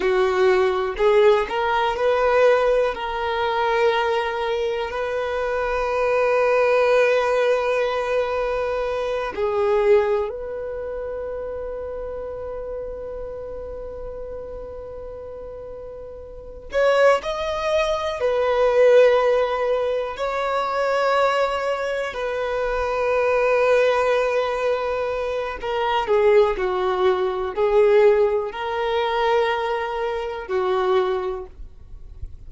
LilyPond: \new Staff \with { instrumentName = "violin" } { \time 4/4 \tempo 4 = 61 fis'4 gis'8 ais'8 b'4 ais'4~ | ais'4 b'2.~ | b'4. gis'4 b'4.~ | b'1~ |
b'4 cis''8 dis''4 b'4.~ | b'8 cis''2 b'4.~ | b'2 ais'8 gis'8 fis'4 | gis'4 ais'2 fis'4 | }